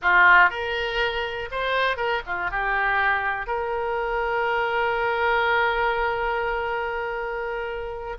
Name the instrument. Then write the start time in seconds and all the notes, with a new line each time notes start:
oboe
0.01 F4
0.50 A#4
1.51 C5
1.96 A#4
2.26 F4
2.50 G4
3.47 A#4